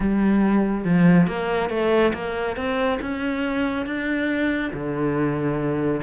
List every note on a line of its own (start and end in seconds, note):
0.00 0.84 G3
0.84 1.27 F3
1.27 1.69 A#3
1.69 2.12 A3
2.13 2.56 A#3
2.56 2.99 C4
3.01 3.86 C#4
3.86 4.71 D4
4.73 6.01 D3